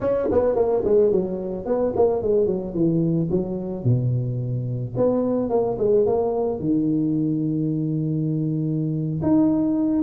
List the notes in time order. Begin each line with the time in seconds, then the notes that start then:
0.00 C#4
0.31 B3
0.55 A#3
0.84 G#3
1.11 F#3
1.65 B3
1.95 A#3
2.22 G#3
2.46 F#3
2.74 E3
3.30 F#3
3.84 B2
4.96 B3
5.49 A#3
5.78 G#3
6.06 A#3
6.59 D#3
9.22 D#4